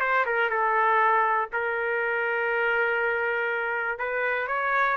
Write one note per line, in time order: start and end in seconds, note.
0.00 0.25 C5
0.25 0.49 A#4
0.49 1.49 A4
1.52 3.98 A#4
3.98 4.47 B4
4.47 4.96 C#5